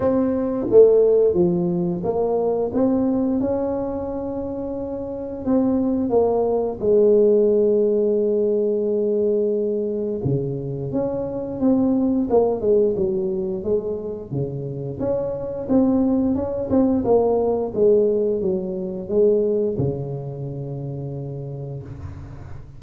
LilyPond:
\new Staff \with { instrumentName = "tuba" } { \time 4/4 \tempo 4 = 88 c'4 a4 f4 ais4 | c'4 cis'2. | c'4 ais4 gis2~ | gis2. cis4 |
cis'4 c'4 ais8 gis8 fis4 | gis4 cis4 cis'4 c'4 | cis'8 c'8 ais4 gis4 fis4 | gis4 cis2. | }